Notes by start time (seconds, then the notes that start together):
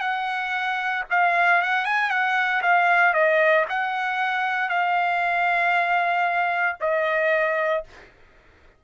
0.00 F#5
1.10 F5
1.62 F#5
1.85 G#5
2.10 F#5
2.62 F5
3.13 D#5
3.69 F#5
4.69 F5
6.80 D#5